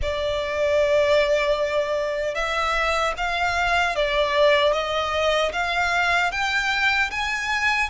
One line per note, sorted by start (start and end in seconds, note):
0.01 2.34 D5
2.34 3.13 E5
3.17 3.95 F5
3.95 4.73 D5
4.73 5.52 D#5
5.52 6.31 F5
6.31 7.10 G5
7.11 7.89 G#5